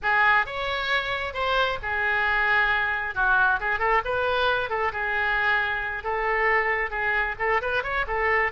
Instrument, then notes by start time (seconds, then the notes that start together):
oboe
0.02 G#4
0.45 C#5
1.33 C5
1.82 G#4
3.14 F#4
3.59 G#4
3.79 A4
4.05 B4
4.69 A4
4.92 G#4
6.03 A4
6.90 G#4
7.39 A4
7.61 B4
7.83 C#5
8.07 A4